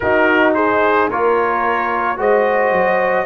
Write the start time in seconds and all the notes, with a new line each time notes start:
0.00 D#4 F#4 A#4
0.54 G#4 C5
1.09 A#3 F4 A#4 C#5
2.16 G#3 F#4 C5 D#5
2.71 F#3